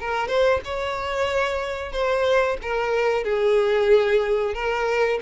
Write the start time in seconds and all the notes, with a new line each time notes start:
0.00 A#4
0.28 C5
0.65 C#5
1.92 C5
2.62 A#4
3.24 G#4
4.54 A#4